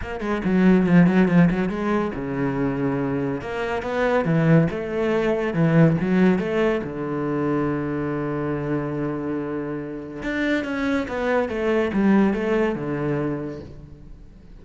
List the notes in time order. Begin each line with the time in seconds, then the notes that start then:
0.01 A#3
0.20 G#3
0.44 F#3
0.86 F3
1.07 F#3
1.27 F3
1.50 F#3
1.69 G#3
2.14 C#3
3.41 A#3
3.82 B3
4.25 E3
4.70 A3
5.53 E3
6.00 F#3
6.38 A3
6.83 D3
10.22 D4
10.64 C#4
11.08 B3
11.48 A3
11.93 G3
12.33 A3
12.75 D3